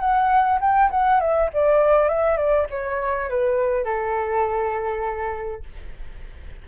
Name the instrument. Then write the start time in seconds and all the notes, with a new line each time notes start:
flute
0.00 F#5
0.61 G5
0.91 F#5
1.20 E5
1.54 D5
2.09 E5
2.37 D5
2.70 C#5
3.30 B4
3.85 A4